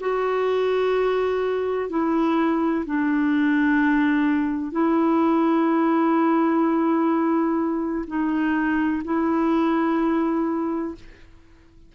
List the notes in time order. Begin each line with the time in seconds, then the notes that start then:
0.00 F#4
1.89 E4
2.86 D4
4.72 E4
8.07 D#4
9.04 E4